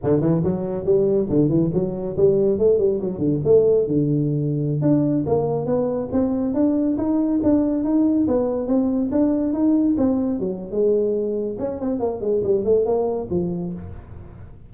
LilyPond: \new Staff \with { instrumentName = "tuba" } { \time 4/4 \tempo 4 = 140 d8 e8 fis4 g4 d8 e8 | fis4 g4 a8 g8 fis8 d8 | a4 d2~ d16 d'8.~ | d'16 ais4 b4 c'4 d'8.~ |
d'16 dis'4 d'4 dis'4 b8.~ | b16 c'4 d'4 dis'4 c'8.~ | c'16 fis8. gis2 cis'8 c'8 | ais8 gis8 g8 a8 ais4 f4 | }